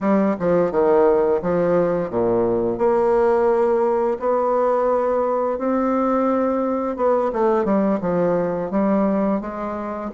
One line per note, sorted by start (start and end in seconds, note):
0.00 0.35 G3
0.39 0.71 F3
0.71 1.40 D#3
1.41 2.10 F3
2.10 2.78 A#2
2.78 4.17 A#3
4.19 5.58 B3
5.58 6.96 C4
6.96 7.31 B3
7.33 7.64 A3
7.64 7.99 G3
8.00 8.71 F3
8.71 9.40 G3
9.41 10.10 G#3